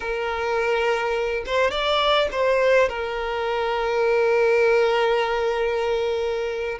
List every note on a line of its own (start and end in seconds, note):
0.00 1.44 A#4
1.46 1.70 C5
1.70 2.28 D5
2.31 2.88 C5
2.88 6.78 A#4